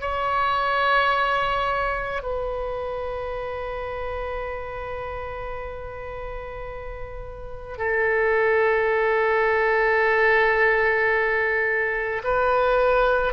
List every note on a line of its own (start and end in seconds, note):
0.00 2.22 C#5
2.22 7.78 B4
7.78 12.22 A4
12.23 13.33 B4